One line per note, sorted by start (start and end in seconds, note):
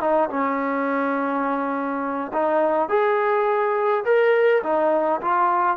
0.00 0.29 D#4
0.29 2.31 C#4
2.33 2.88 D#4
2.88 4.04 G#4
4.05 4.62 A#4
4.63 5.21 D#4
5.21 5.76 F4